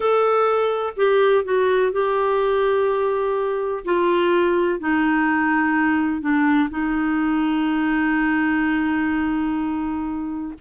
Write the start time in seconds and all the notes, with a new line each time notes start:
0.00 A4
0.96 G4
1.44 F#4
1.92 G4
3.84 F4
4.79 D#4
6.21 D4
6.69 D#4